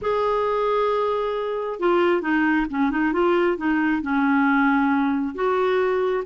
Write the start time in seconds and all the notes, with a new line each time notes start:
0.01 G#4
1.79 F4
2.21 D#4
2.70 C#4
2.90 D#4
3.13 F4
3.57 D#4
4.02 C#4
5.34 F#4